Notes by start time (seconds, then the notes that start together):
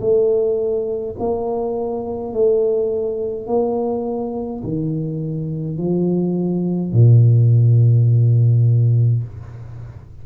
0.00 A3
1.19 A#3
2.33 A3
3.47 A#3
4.64 D#3
5.78 F3
6.92 A#2